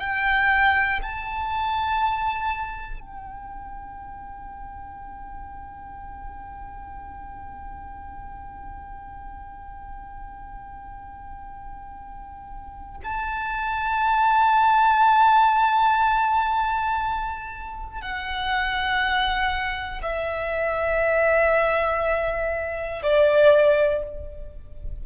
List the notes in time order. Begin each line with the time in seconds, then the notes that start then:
0.00 G5
1.02 A5
3.00 G5
13.04 A5
18.01 F#5
20.02 E5
23.02 D5